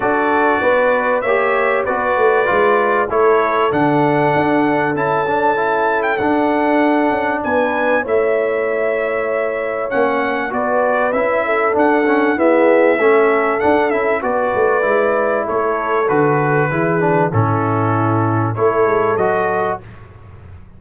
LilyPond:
<<
  \new Staff \with { instrumentName = "trumpet" } { \time 4/4 \tempo 4 = 97 d''2 e''4 d''4~ | d''4 cis''4 fis''2 | a''4.~ a''16 g''16 fis''2 | gis''4 e''2. |
fis''4 d''4 e''4 fis''4 | e''2 fis''8 e''8 d''4~ | d''4 cis''4 b'2 | a'2 cis''4 dis''4 | }
  \new Staff \with { instrumentName = "horn" } { \time 4/4 a'4 b'4 cis''4 b'4~ | b'4 a'2.~ | a'1 | b'4 cis''2.~ |
cis''4 b'4. a'4. | gis'4 a'2 b'4~ | b'4 a'2 gis'4 | e'2 a'2 | }
  \new Staff \with { instrumentName = "trombone" } { \time 4/4 fis'2 g'4 fis'4 | f'4 e'4 d'2 | e'8 d'8 e'4 d'2~ | d'4 e'2. |
cis'4 fis'4 e'4 d'8 cis'8 | b4 cis'4 d'8 e'8 fis'4 | e'2 fis'4 e'8 d'8 | cis'2 e'4 fis'4 | }
  \new Staff \with { instrumentName = "tuba" } { \time 4/4 d'4 b4 ais4 b8 a8 | gis4 a4 d4 d'4 | cis'2 d'4. cis'8 | b4 a2. |
ais4 b4 cis'4 d'4 | e'4 a4 d'8 cis'8 b8 a8 | gis4 a4 d4 e4 | a,2 a8 gis8 fis4 | }
>>